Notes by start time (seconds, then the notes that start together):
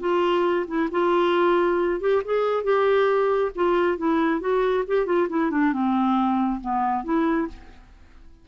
0.00 F4
0.67 E4
0.91 F4
2.00 G4
2.25 G#4
2.64 G4
3.55 F4
3.98 E4
4.40 F#4
4.87 G4
5.06 F4
5.29 E4
5.51 D4
5.73 C4
6.61 B3
7.04 E4